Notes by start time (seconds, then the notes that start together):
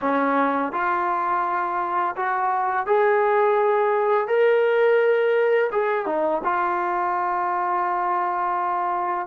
0.01 C#4
0.72 F4
2.16 F#4
2.86 G#4
4.27 A#4
5.72 G#4
6.06 D#4
6.44 F4